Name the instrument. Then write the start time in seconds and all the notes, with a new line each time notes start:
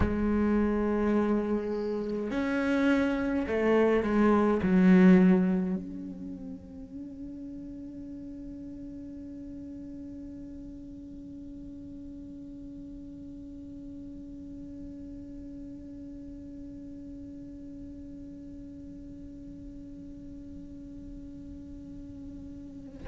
cello
0.00 G#3
2.31 C#4
3.47 A3
4.03 G#3
4.62 F#3
5.76 C#4